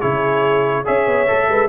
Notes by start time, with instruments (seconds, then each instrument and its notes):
0.00 tuba C#3, trombone E4, horn G#4, trumpet C#5
0.85 tuba C#4, trombone G#4, horn C#5, trumpet E5
1.07 tuba B3
1.27 tuba A3, trombone A4
1.49 tuba G#3, horn B4